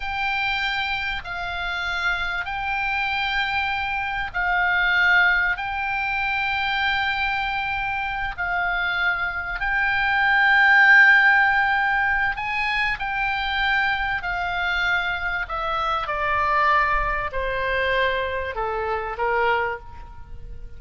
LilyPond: \new Staff \with { instrumentName = "oboe" } { \time 4/4 \tempo 4 = 97 g''2 f''2 | g''2. f''4~ | f''4 g''2.~ | g''4. f''2 g''8~ |
g''1 | gis''4 g''2 f''4~ | f''4 e''4 d''2 | c''2 a'4 ais'4 | }